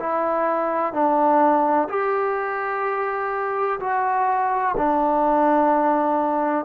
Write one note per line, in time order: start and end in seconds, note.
0.00 0.93 E4
0.93 1.88 D4
1.89 3.80 G4
3.80 4.75 F#4
4.77 6.65 D4